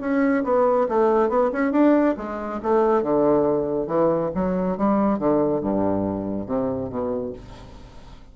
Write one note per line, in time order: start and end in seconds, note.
0.00 0.43 C#4
0.44 0.87 B3
0.88 1.29 A3
1.29 1.50 B3
1.52 1.72 C#4
1.72 2.15 D4
2.17 2.60 G#3
2.63 3.03 A3
3.03 3.87 D3
3.87 4.30 E3
4.34 4.77 F#3
4.77 5.19 G3
5.19 5.60 D3
5.60 6.46 G2
6.46 6.89 C3
6.89 7.32 B2